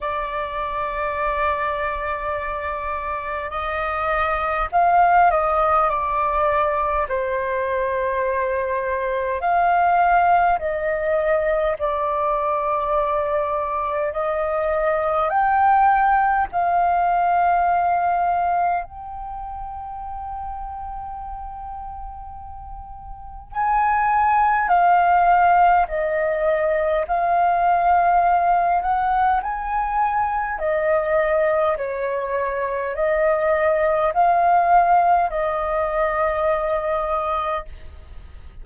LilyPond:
\new Staff \with { instrumentName = "flute" } { \time 4/4 \tempo 4 = 51 d''2. dis''4 | f''8 dis''8 d''4 c''2 | f''4 dis''4 d''2 | dis''4 g''4 f''2 |
g''1 | gis''4 f''4 dis''4 f''4~ | f''8 fis''8 gis''4 dis''4 cis''4 | dis''4 f''4 dis''2 | }